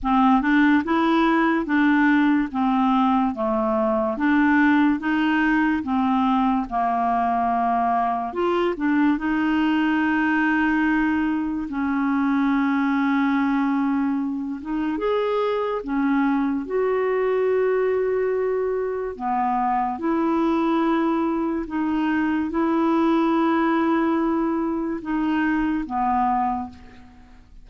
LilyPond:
\new Staff \with { instrumentName = "clarinet" } { \time 4/4 \tempo 4 = 72 c'8 d'8 e'4 d'4 c'4 | a4 d'4 dis'4 c'4 | ais2 f'8 d'8 dis'4~ | dis'2 cis'2~ |
cis'4. dis'8 gis'4 cis'4 | fis'2. b4 | e'2 dis'4 e'4~ | e'2 dis'4 b4 | }